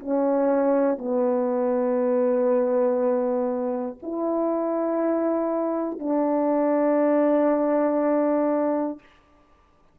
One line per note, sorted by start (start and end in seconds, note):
0.00 0.99 C#4
0.99 3.99 B3
4.03 6.00 E4
6.00 9.00 D4